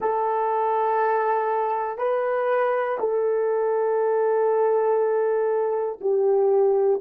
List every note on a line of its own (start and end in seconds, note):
0.00 1.97 A4
1.97 2.97 B4
3.00 6.00 A4
6.00 7.00 G4